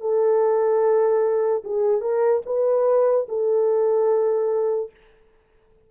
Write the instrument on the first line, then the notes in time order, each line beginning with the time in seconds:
horn
0.00 A4
1.64 G#4
2.01 A#4
2.45 B4
3.28 A4